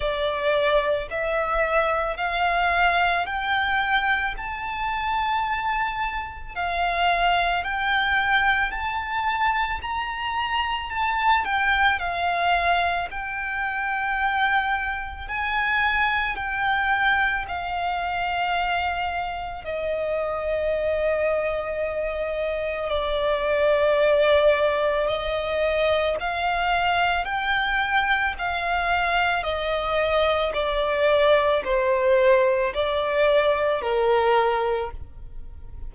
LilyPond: \new Staff \with { instrumentName = "violin" } { \time 4/4 \tempo 4 = 55 d''4 e''4 f''4 g''4 | a''2 f''4 g''4 | a''4 ais''4 a''8 g''8 f''4 | g''2 gis''4 g''4 |
f''2 dis''2~ | dis''4 d''2 dis''4 | f''4 g''4 f''4 dis''4 | d''4 c''4 d''4 ais'4 | }